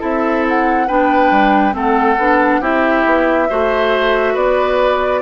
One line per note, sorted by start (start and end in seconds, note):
0.00 0.89 C4
0.00 0.87 E4
0.00 0.87 A4
0.00 0.46 E5
0.48 0.89 F#5
0.88 1.31 B3
0.88 1.73 D4
0.88 1.75 B4
0.88 1.76 G5
1.31 1.74 G3
1.73 2.18 A3
1.73 2.17 C4
1.73 2.61 A4
1.73 2.64 F#5
2.18 2.61 B3
2.18 2.62 D4
2.61 3.05 C4
2.61 3.49 E4
2.61 3.48 G4
2.61 4.37 E5
3.06 3.49 B3
3.50 4.36 A3
3.50 5.23 F#4
3.50 4.34 C5
4.34 5.23 B3
4.34 5.21 B4
4.34 5.23 D5